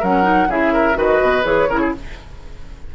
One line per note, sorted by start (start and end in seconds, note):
0.00 0.48 F#3
0.00 0.23 C#4
0.00 0.48 A#4
0.00 0.51 F#5
0.23 0.47 D#4
0.48 0.96 C#3
0.48 0.95 E4
0.48 0.73 G#4
0.48 0.99 E5
0.73 0.97 A#4
0.95 1.20 D#3
0.95 1.43 F#4
0.95 1.69 B4
0.95 1.44 D#5
1.22 1.45 B2
1.44 1.69 E3
1.44 1.68 G#4
1.44 1.92 C#5
1.69 1.94 C#3
1.69 1.95 E4
1.69 1.80 A#4
1.80 1.93 G#4